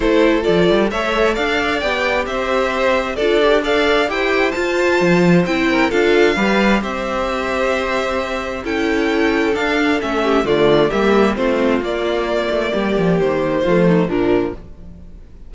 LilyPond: <<
  \new Staff \with { instrumentName = "violin" } { \time 4/4 \tempo 4 = 132 c''4 d''4 e''4 f''4 | g''4 e''2 d''4 | f''4 g''4 a''2 | g''4 f''2 e''4~ |
e''2. g''4~ | g''4 f''4 e''4 d''4 | e''4 c''4 d''2~ | d''4 c''2 ais'4 | }
  \new Staff \with { instrumentName = "violin" } { \time 4/4 a'2 cis''4 d''4~ | d''4 c''2 a'4 | d''4 c''2.~ | c''8 ais'8 a'4 b'4 c''4~ |
c''2. a'4~ | a'2~ a'8 g'8 f'4 | g'4 f'2. | g'2 f'8 dis'8 d'4 | }
  \new Staff \with { instrumentName = "viola" } { \time 4/4 e'4 f'4 a'2 | g'2. f'8 g'8 | a'4 g'4 f'2 | e'4 f'4 g'2~ |
g'2. e'4~ | e'4 d'4 cis'4 a4 | ais4 c'4 ais2~ | ais2 a4 f4 | }
  \new Staff \with { instrumentName = "cello" } { \time 4/4 a4 f8 g8 a4 d'4 | b4 c'2 d'4~ | d'4 e'4 f'4 f4 | c'4 d'4 g4 c'4~ |
c'2. cis'4~ | cis'4 d'4 a4 d4 | g4 a4 ais4. a8 | g8 f8 dis4 f4 ais,4 | }
>>